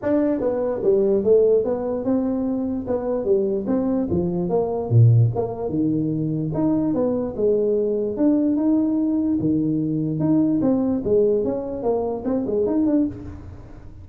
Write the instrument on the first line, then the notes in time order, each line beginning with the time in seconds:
tuba
0.02 D4
0.40 B3
0.83 G3
1.23 A3
1.64 B3
2.04 C4
2.87 B3
3.24 G3
3.67 C4
4.10 F3
4.49 A#3
4.89 A#2
5.35 A#3
5.69 D#3
6.53 D#4
6.94 B3
7.36 G#3
8.16 D4
8.56 D#4
9.40 D#3
10.19 D#4
10.61 C4
11.04 G#3
11.44 C#4
11.83 A#3
12.24 C4
12.46 G#3
12.66 D#4
12.86 D4